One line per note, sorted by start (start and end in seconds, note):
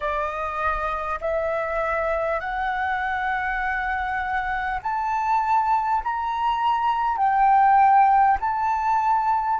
0.00 1.19 D#5
1.21 2.39 E5
2.39 4.79 F#5
4.82 6.02 A5
6.03 7.17 A#5
7.17 8.37 G5
8.40 9.59 A5